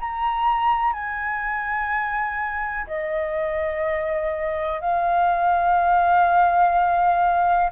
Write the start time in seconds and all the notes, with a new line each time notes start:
0.00 A#5
0.94 G#5
2.87 D#5
4.81 F5